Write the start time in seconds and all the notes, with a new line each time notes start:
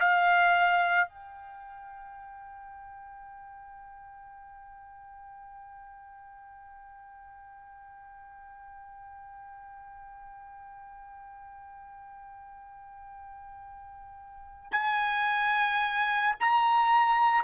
0.00 F5
1.08 G5
14.72 G#5
16.40 A#5